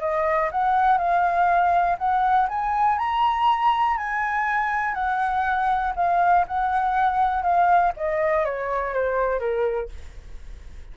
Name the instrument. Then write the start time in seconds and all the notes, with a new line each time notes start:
flute
0.00 D#5
0.51 F#5
0.98 F5
1.98 F#5
2.49 G#5
2.98 A#5
3.97 G#5
4.94 F#5
5.96 F5
6.47 F#5
7.42 F5
7.97 D#5
8.45 C#5
8.94 C5
9.39 A#4